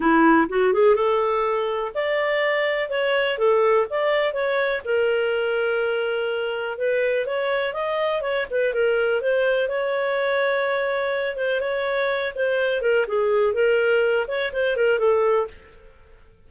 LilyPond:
\new Staff \with { instrumentName = "clarinet" } { \time 4/4 \tempo 4 = 124 e'4 fis'8 gis'8 a'2 | d''2 cis''4 a'4 | d''4 cis''4 ais'2~ | ais'2 b'4 cis''4 |
dis''4 cis''8 b'8 ais'4 c''4 | cis''2.~ cis''8 c''8 | cis''4. c''4 ais'8 gis'4 | ais'4. cis''8 c''8 ais'8 a'4 | }